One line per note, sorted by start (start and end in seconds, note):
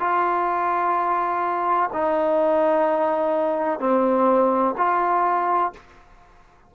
0.00 1.90 F4
1.93 3.80 D#4
3.80 4.75 C4
4.77 5.73 F4